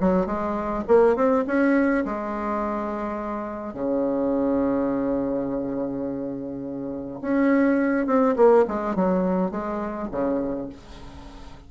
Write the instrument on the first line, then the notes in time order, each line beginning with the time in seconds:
bassoon
0.00 F#3
0.26 G#3
0.87 A#3
1.15 C4
1.47 C#4
2.05 G#3
3.73 C#3
7.21 C#4
8.06 C4
8.36 A#3
8.67 G#3
8.95 F#3
9.51 G#3
10.11 C#3